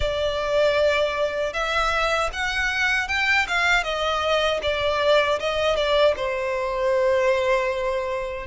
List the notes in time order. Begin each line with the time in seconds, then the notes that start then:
0.00 D5
1.53 E5
2.33 F#5
3.08 G5
3.48 F5
3.83 D#5
4.62 D5
5.39 D#5
5.76 D5
6.16 C5